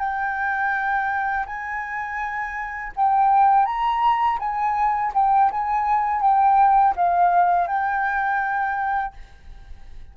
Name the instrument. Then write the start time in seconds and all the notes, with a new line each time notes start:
flute
0.00 G5
1.47 G#5
2.96 G5
3.66 A#5
4.40 G#5
5.15 G5
5.52 G#5
6.22 G5
6.97 F5
7.68 G5